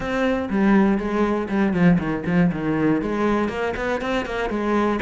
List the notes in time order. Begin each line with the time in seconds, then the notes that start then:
0.00 C4
0.50 G3
0.97 G#3
1.49 G3
1.73 F3
1.98 D#3
2.26 F3
2.52 D#3
3.01 G#3
3.49 A#3
3.76 B3
4.01 C4
4.25 A#3
4.49 G#3